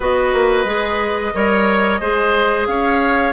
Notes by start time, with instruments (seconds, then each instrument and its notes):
0.00 bassoon B3, clarinet F#4, oboe B4, flute D#5
0.33 bassoon A#3
0.64 bassoon G#3, clarinet G#4
1.33 bassoon G3, clarinet A#4, oboe C#5
2.00 bassoon G#3, clarinet G#4, oboe C5
2.66 bassoon C#4, oboe C#5, flute F5